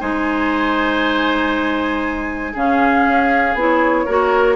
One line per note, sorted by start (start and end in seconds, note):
0.00 2.55 G#3
0.00 2.54 D#4
0.00 2.53 C5
0.00 2.55 G#5
2.53 3.06 C#3
2.53 3.56 C#4
2.53 4.05 G#4
2.53 3.58 F5
3.06 3.54 C#4
3.54 4.05 B3
3.54 4.08 E4
3.61 4.56 C#5
4.05 4.56 A#3
4.05 4.56 F#4
4.05 4.56 A#4